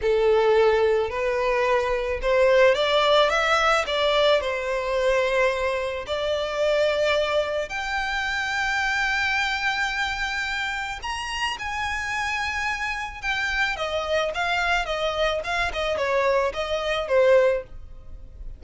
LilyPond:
\new Staff \with { instrumentName = "violin" } { \time 4/4 \tempo 4 = 109 a'2 b'2 | c''4 d''4 e''4 d''4 | c''2. d''4~ | d''2 g''2~ |
g''1 | ais''4 gis''2. | g''4 dis''4 f''4 dis''4 | f''8 dis''8 cis''4 dis''4 c''4 | }